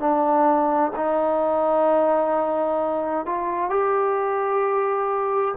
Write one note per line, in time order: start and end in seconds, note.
0.00 0.92 D4
0.96 3.26 D#4
3.26 3.70 F4
3.70 5.55 G4